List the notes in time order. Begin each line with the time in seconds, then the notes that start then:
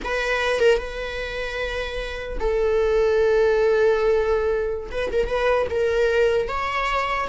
0.03 B4
0.59 A#4
0.77 B4
2.39 A4
4.91 B4
5.12 A#4
5.27 B4
5.70 A#4
6.48 C#5